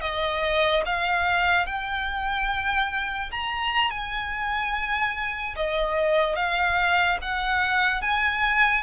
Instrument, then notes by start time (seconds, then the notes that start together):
violin
0.00 D#5
0.85 F5
1.66 G5
3.31 A#5
3.90 G#5
5.56 D#5
6.35 F5
7.21 F#5
8.01 G#5